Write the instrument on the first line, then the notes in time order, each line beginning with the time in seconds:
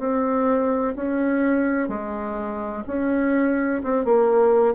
bassoon
0.00 C4
0.96 C#4
1.89 G#3
2.87 C#4
3.84 C4
4.05 A#3